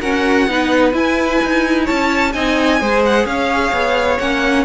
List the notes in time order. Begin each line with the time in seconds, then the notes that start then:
0.00 C#4 F#4 A#4 F#5
0.48 B3 D#4 B4
0.92 E4 G#5
1.43 D#4
1.84 C#4 C#5 A5
2.32 C4 D#4 D#5 G#5
2.79 G#3 G#4 C5
3.05 F#5
3.25 C#4 C#5 F5
3.72 B3
4.18 A#3 C#4 F#5